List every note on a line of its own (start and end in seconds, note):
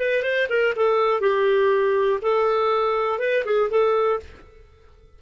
0.00 0.23 B4
0.23 0.48 C5
0.50 0.74 A#4
0.76 1.21 A4
1.21 2.20 G4
2.22 3.20 A4
3.20 3.44 B4
3.46 3.70 G#4
3.71 4.20 A4